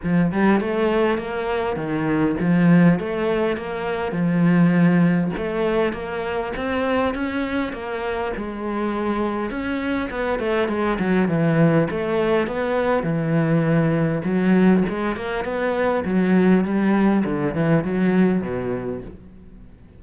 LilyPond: \new Staff \with { instrumentName = "cello" } { \time 4/4 \tempo 4 = 101 f8 g8 a4 ais4 dis4 | f4 a4 ais4 f4~ | f4 a4 ais4 c'4 | cis'4 ais4 gis2 |
cis'4 b8 a8 gis8 fis8 e4 | a4 b4 e2 | fis4 gis8 ais8 b4 fis4 | g4 d8 e8 fis4 b,4 | }